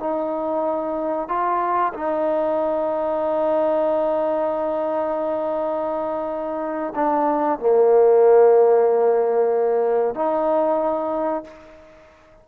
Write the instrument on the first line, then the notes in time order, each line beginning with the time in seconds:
trombone
0.00 D#4
1.29 F4
1.94 D#4
6.95 D4
7.59 A#3
10.15 D#4